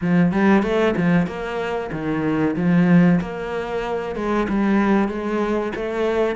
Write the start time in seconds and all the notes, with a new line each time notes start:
0.01 F3
0.32 G3
0.62 A3
0.96 F3
1.26 A#3
1.91 D#3
2.56 F3
3.20 A#3
4.15 G#3
4.49 G3
5.08 G#3
5.75 A3